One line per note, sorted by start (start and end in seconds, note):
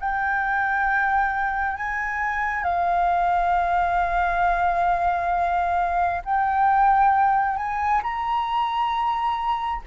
0.00 1.77 G5
1.77 2.63 G#5
2.63 6.22 F5
6.25 7.57 G5
7.57 8.01 G#5
8.03 9.82 A#5